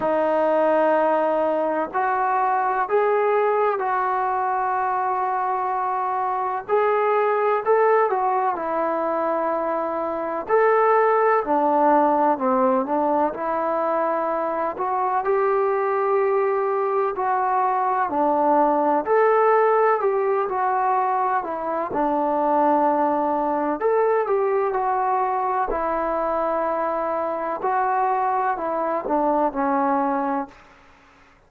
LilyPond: \new Staff \with { instrumentName = "trombone" } { \time 4/4 \tempo 4 = 63 dis'2 fis'4 gis'4 | fis'2. gis'4 | a'8 fis'8 e'2 a'4 | d'4 c'8 d'8 e'4. fis'8 |
g'2 fis'4 d'4 | a'4 g'8 fis'4 e'8 d'4~ | d'4 a'8 g'8 fis'4 e'4~ | e'4 fis'4 e'8 d'8 cis'4 | }